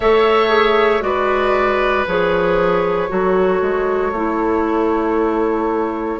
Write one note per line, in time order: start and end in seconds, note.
0.00 1.01 A3
0.00 0.49 A4
0.00 1.03 C#5
0.00 1.02 E5
0.49 1.00 G#4
1.00 2.05 G#3
1.00 2.04 F#4
1.00 3.09 B4
1.00 2.05 D5
2.06 3.10 F3
2.06 3.08 G#4
2.06 6.20 C#5
3.08 3.61 F#3
3.08 4.11 F#4
3.08 6.20 A4
3.61 4.12 G#3
4.12 6.19 A3
4.12 6.20 E4